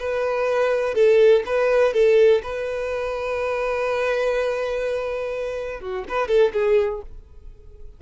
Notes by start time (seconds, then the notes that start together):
0.00 B4
0.95 A4
1.46 B4
1.94 A4
2.44 B4
5.81 F#4
6.09 B4
6.28 A4
6.54 G#4